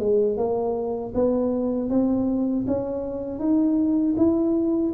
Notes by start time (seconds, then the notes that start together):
0.00 G#3
0.38 A#3
1.15 B3
1.90 C4
2.68 C#4
3.40 D#4
4.18 E4